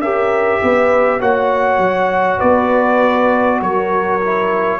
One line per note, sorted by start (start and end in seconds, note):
0.00 0.60 C#4
0.00 1.21 G4
0.00 0.61 A#4
0.00 1.21 E5
0.61 1.21 B3
0.61 1.21 B4
1.21 1.79 A#3
1.21 4.21 F#4
1.21 2.39 C#5
1.21 2.40 F#5
1.79 2.39 F#3
2.39 3.62 B3
2.39 3.59 B4
2.39 3.60 D5
3.62 4.80 F#3
3.62 4.80 A#4
3.62 4.80 C#5
4.21 4.80 E4